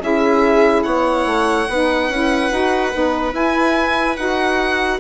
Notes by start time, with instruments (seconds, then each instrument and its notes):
0.00 bassoon C#4, saxophone E4, viola G#4, violin E5
0.84 bassoon B3, viola C#5, violin F#5
1.26 bassoon A3
1.69 bassoon B3, saxophone D#4, viola B4
2.09 bassoon C#4, saxophone E4
2.51 bassoon D#4, saxophone F#4
2.93 bassoon B3, saxophone D#4
3.33 bassoon E4, saxophone E4, violin G#5
4.17 bassoon D#4, saxophone F#4, violin F#5